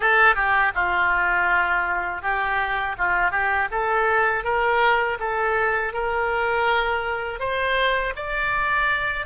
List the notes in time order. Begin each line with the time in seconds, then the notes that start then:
0.00 A4
0.35 G4
0.74 F4
2.22 G4
2.98 F4
3.31 G4
3.71 A4
4.44 A#4
5.19 A4
5.93 A#4
7.39 C5
8.15 D5